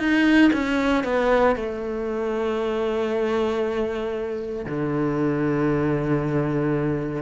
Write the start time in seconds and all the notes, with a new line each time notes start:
0.00 D#4
0.54 C#4
1.04 B3
1.56 A3
4.66 D3